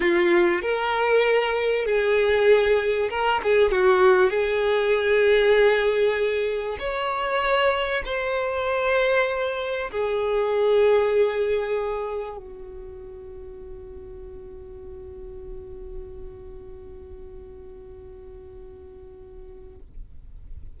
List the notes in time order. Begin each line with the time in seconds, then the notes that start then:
0.00 F4
0.62 A#4
1.85 G#4
3.10 A#4
3.43 G#4
3.71 F#4
4.30 G#4
6.79 C#5
8.05 C5
9.91 G#4
12.37 F#4